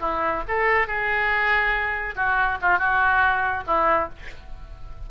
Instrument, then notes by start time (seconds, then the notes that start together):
oboe
0.00 E4
0.48 A4
0.87 G#4
2.15 F#4
2.62 F4
2.78 F#4
3.67 E4